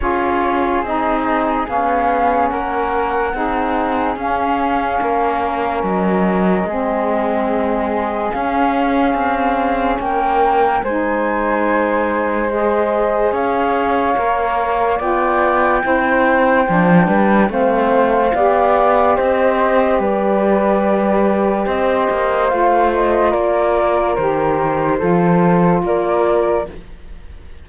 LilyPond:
<<
  \new Staff \with { instrumentName = "flute" } { \time 4/4 \tempo 4 = 72 cis''4 dis''4 f''4 fis''4~ | fis''4 f''2 dis''4~ | dis''2 f''2 | g''4 gis''2 dis''4 |
f''2 g''2~ | g''4 f''2 dis''4 | d''2 dis''4 f''8 dis''8 | d''4 c''2 d''4 | }
  \new Staff \with { instrumentName = "flute" } { \time 4/4 gis'2. ais'4 | gis'2 ais'2 | gis'1 | ais'4 c''2. |
cis''2 d''4 c''4~ | c''8 b'8 c''4 d''4 c''4 | b'2 c''2 | ais'2 a'4 ais'4 | }
  \new Staff \with { instrumentName = "saxophone" } { \time 4/4 f'4 dis'4 cis'2 | dis'4 cis'2. | c'2 cis'2~ | cis'4 dis'2 gis'4~ |
gis'4 ais'4 f'4 e'4 | d'4 c'4 g'2~ | g'2. f'4~ | f'4 g'4 f'2 | }
  \new Staff \with { instrumentName = "cello" } { \time 4/4 cis'4 c'4 b4 ais4 | c'4 cis'4 ais4 fis4 | gis2 cis'4 c'4 | ais4 gis2. |
cis'4 ais4 b4 c'4 | f8 g8 a4 b4 c'4 | g2 c'8 ais8 a4 | ais4 dis4 f4 ais4 | }
>>